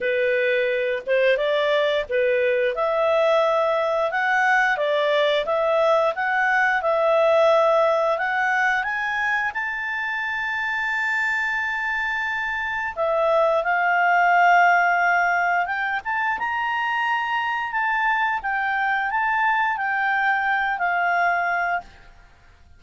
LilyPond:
\new Staff \with { instrumentName = "clarinet" } { \time 4/4 \tempo 4 = 88 b'4. c''8 d''4 b'4 | e''2 fis''4 d''4 | e''4 fis''4 e''2 | fis''4 gis''4 a''2~ |
a''2. e''4 | f''2. g''8 a''8 | ais''2 a''4 g''4 | a''4 g''4. f''4. | }